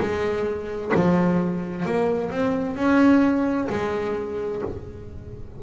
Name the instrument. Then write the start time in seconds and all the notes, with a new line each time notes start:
double bass
0.00 G#3
0.95 F3
1.85 A#3
2.31 C4
2.76 C#4
3.70 G#3